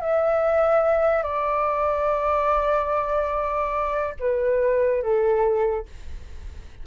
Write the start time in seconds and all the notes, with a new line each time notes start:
0.00 E5
1.23 D5
4.19 B4
5.02 A4